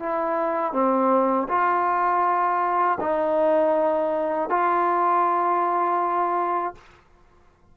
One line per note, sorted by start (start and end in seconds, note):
0.00 0.73 E4
0.73 1.48 C4
1.49 2.99 F4
3.01 4.50 D#4
4.50 6.75 F4